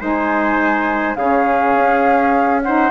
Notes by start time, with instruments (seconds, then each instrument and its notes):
0.00 bassoon G#3, saxophone D#4, trumpet C5, flute G#5
1.16 bassoon C#3, saxophone C#4, trumpet G#4, flute F5
1.75 bassoon C#4
2.63 saxophone D#4, trumpet C5, flute F#5